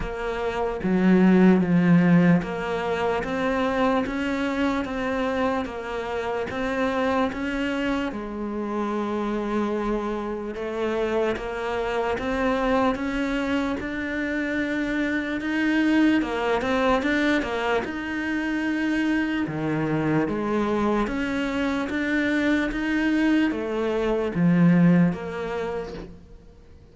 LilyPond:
\new Staff \with { instrumentName = "cello" } { \time 4/4 \tempo 4 = 74 ais4 fis4 f4 ais4 | c'4 cis'4 c'4 ais4 | c'4 cis'4 gis2~ | gis4 a4 ais4 c'4 |
cis'4 d'2 dis'4 | ais8 c'8 d'8 ais8 dis'2 | dis4 gis4 cis'4 d'4 | dis'4 a4 f4 ais4 | }